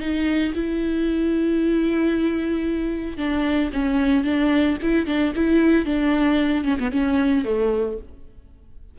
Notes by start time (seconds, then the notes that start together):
0.00 D#4
0.55 E4
3.18 D4
3.73 C#4
4.25 D4
4.82 E4
5.06 D4
5.36 E4
5.86 D4
6.64 C#4
6.79 B3
6.91 C#4
7.45 A3